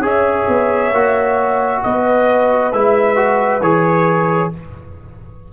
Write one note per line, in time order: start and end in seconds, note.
0.00 0.45 C#4
0.00 0.91 G#4
0.00 1.81 C#5
0.06 1.84 E5
0.48 0.93 B3
0.93 1.82 A#3
0.93 2.73 F#4
1.84 2.73 B3
1.84 4.53 B4
1.84 2.73 D#5
2.73 3.61 G#3
2.73 3.17 E4
2.73 3.62 E5
3.17 3.62 F#4
3.61 4.51 E3
3.61 4.53 G#4
3.61 4.51 C#5